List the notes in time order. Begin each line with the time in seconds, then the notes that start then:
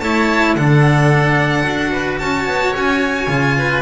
0.00 A3 E4 C#5 A5
0.55 D3 D4 A4 F#5
1.63 D4 F#4
1.92 B4
2.19 C#4 C#5 A5
2.46 B3
2.76 C#4 G#5
3.27 C#3 F4
3.58 B4